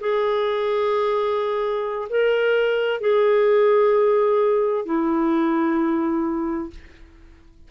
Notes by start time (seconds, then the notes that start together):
0.00 G#4
2.09 A#4
3.00 G#4
4.85 E4